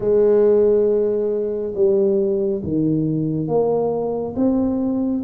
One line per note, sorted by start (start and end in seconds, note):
0.00 1.73 G#3
1.74 2.61 G3
2.63 3.47 D#3
3.47 4.34 A#3
4.36 5.23 C4